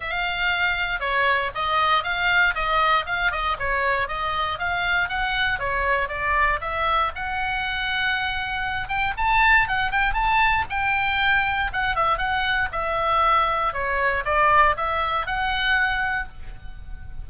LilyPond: \new Staff \with { instrumentName = "oboe" } { \time 4/4 \tempo 4 = 118 f''2 cis''4 dis''4 | f''4 dis''4 f''8 dis''8 cis''4 | dis''4 f''4 fis''4 cis''4 | d''4 e''4 fis''2~ |
fis''4. g''8 a''4 fis''8 g''8 | a''4 g''2 fis''8 e''8 | fis''4 e''2 cis''4 | d''4 e''4 fis''2 | }